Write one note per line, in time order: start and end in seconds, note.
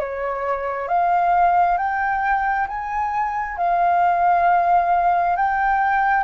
0.00 0.88 C#5
0.88 1.78 F5
1.78 2.67 G5
2.68 3.57 G#5
3.57 5.36 F5
5.36 6.24 G5